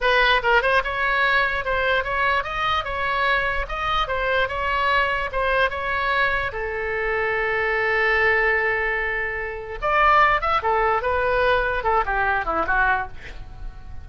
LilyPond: \new Staff \with { instrumentName = "oboe" } { \time 4/4 \tempo 4 = 147 b'4 ais'8 c''8 cis''2 | c''4 cis''4 dis''4 cis''4~ | cis''4 dis''4 c''4 cis''4~ | cis''4 c''4 cis''2 |
a'1~ | a'1 | d''4. e''8 a'4 b'4~ | b'4 a'8 g'4 e'8 fis'4 | }